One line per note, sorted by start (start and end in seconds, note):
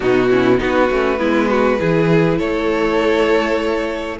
0.00 0.60 B2
0.00 0.30 B3
0.00 0.29 D#4
0.00 0.60 F#4
0.30 0.58 C#4
0.30 0.60 E4
0.58 0.90 B3
0.58 0.88 D#4
0.58 1.19 F#4
0.58 2.38 B4
0.90 1.20 A3
0.90 1.18 C#4
1.18 1.80 G#3
1.18 1.78 B3
1.18 1.48 E4
1.48 1.78 F#4
1.79 2.39 E3
1.79 4.19 E4
1.79 2.38 G#4
2.38 4.19 A3
2.38 4.17 A4
2.38 4.18 C#5